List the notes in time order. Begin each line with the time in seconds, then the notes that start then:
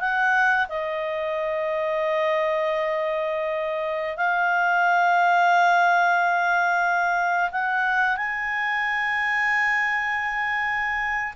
0.00 F#5
0.69 D#5
4.17 F5
7.51 F#5
8.16 G#5